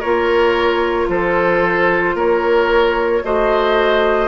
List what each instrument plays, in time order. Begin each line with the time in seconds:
0.00 bassoon A#3, clarinet F4, oboe A#4, flute C#5
1.09 bassoon F3, oboe A4, flute C5
2.14 bassoon A#3, oboe A#4, flute C#5
3.24 bassoon A3, clarinet F#4, oboe C5, flute D#5